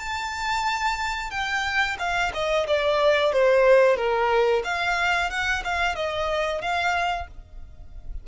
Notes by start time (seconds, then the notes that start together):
0.00 A5
1.31 G5
1.99 F5
2.34 D#5
2.67 D5
3.33 C5
3.97 A#4
4.65 F5
5.30 F#5
5.65 F5
5.96 D#5
6.62 F5